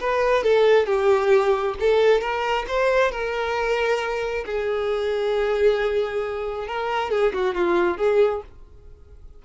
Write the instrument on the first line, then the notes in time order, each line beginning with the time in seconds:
violin
0.00 B4
0.43 A4
0.86 G4
1.80 A4
2.21 A#4
2.67 C5
3.11 A#4
4.45 G#4
6.67 A#4
7.10 G#4
7.33 F#4
7.54 F4
7.97 G#4